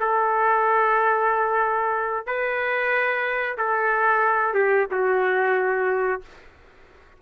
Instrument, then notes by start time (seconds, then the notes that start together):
trumpet
0.00 A4
2.26 B4
3.58 A4
4.54 G4
4.91 F#4